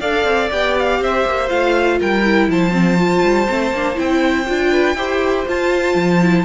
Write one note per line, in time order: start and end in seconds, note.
0.00 0.24 D4
0.00 0.50 A4
0.00 0.99 D5
0.00 0.50 F5
0.24 0.49 C4
0.50 1.00 B3
0.50 1.48 G4
0.50 0.75 G5
0.79 1.03 F5
0.99 1.24 C4
0.99 1.99 C5
0.99 1.49 E5
1.25 1.50 A#3
1.48 2.00 A3
1.48 2.22 F4
1.48 1.99 F5
1.99 2.47 G3
1.99 2.49 A#4
1.99 2.50 G5
2.23 2.71 E4
2.47 3.22 F3
2.47 4.71 C5
2.47 3.99 A5
2.71 2.96 C4
2.97 3.47 F4
3.23 3.48 G3
3.49 3.71 A3
3.49 3.74 C4
3.71 3.96 A#3
3.71 3.95 D4
3.95 4.48 C4
3.95 4.44 E4
3.95 5.47 G5
4.46 4.95 D4
4.46 4.96 F4
4.71 4.96 B4
4.95 5.44 E4
4.95 5.46 G4
4.95 6.45 C5
5.46 6.20 F4
5.46 5.94 F4
5.46 6.45 A5
5.94 6.44 F3
6.21 6.45 E4